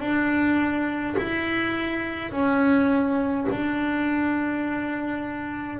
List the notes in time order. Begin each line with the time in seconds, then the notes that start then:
0.00 D4
1.17 E4
2.31 C#4
3.50 D4